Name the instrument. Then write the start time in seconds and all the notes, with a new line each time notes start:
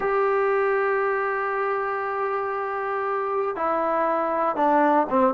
trombone
0.00 G4
3.55 E4
4.56 D4
5.09 C4